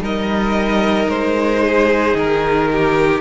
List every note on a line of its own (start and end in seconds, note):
0.00 1.07 G3
0.00 3.21 D#4
0.00 1.63 A#4
0.00 1.10 D#5
1.08 2.15 G#3
1.08 2.17 C5
1.63 2.70 G#4
2.15 3.21 D#3
2.15 3.21 A#4
2.72 3.21 G4